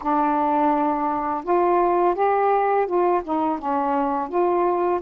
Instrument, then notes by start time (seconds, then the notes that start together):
saxophone
0.01 D4
1.44 F4
2.14 G4
2.86 F4
3.24 D#4
3.58 C#4
4.29 F4